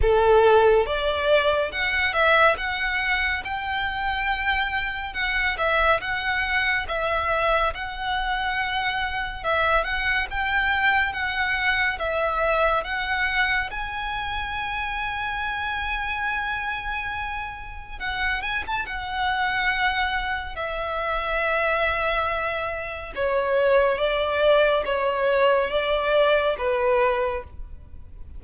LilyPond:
\new Staff \with { instrumentName = "violin" } { \time 4/4 \tempo 4 = 70 a'4 d''4 fis''8 e''8 fis''4 | g''2 fis''8 e''8 fis''4 | e''4 fis''2 e''8 fis''8 | g''4 fis''4 e''4 fis''4 |
gis''1~ | gis''4 fis''8 gis''16 a''16 fis''2 | e''2. cis''4 | d''4 cis''4 d''4 b'4 | }